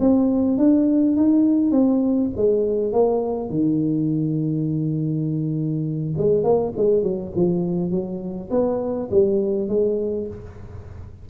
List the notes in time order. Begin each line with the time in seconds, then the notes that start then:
0.00 C4
0.58 D4
1.17 D#4
1.71 C4
2.37 G#3
2.92 A#3
3.50 D#3
6.17 G#3
6.44 A#3
6.77 G#3
7.03 F#3
7.36 F3
7.91 F#3
8.51 B3
9.11 G3
9.68 G#3